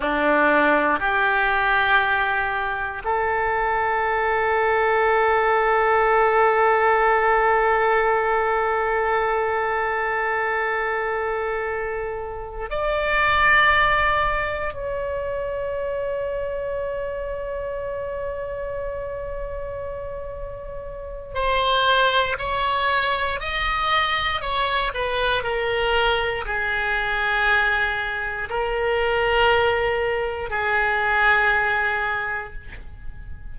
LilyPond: \new Staff \with { instrumentName = "oboe" } { \time 4/4 \tempo 4 = 59 d'4 g'2 a'4~ | a'1~ | a'1~ | a'8 d''2 cis''4.~ |
cis''1~ | cis''4 c''4 cis''4 dis''4 | cis''8 b'8 ais'4 gis'2 | ais'2 gis'2 | }